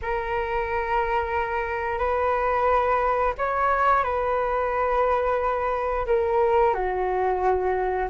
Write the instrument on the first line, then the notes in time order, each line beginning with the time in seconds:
flute
0.02 A#4
1.98 B4
3.38 C#5
4.03 B4
6.06 A#4
6.74 F#4